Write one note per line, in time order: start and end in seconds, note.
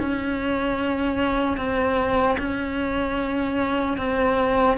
0.00 1.57 C#4
1.57 2.37 C4
2.39 3.98 C#4
3.98 4.78 C4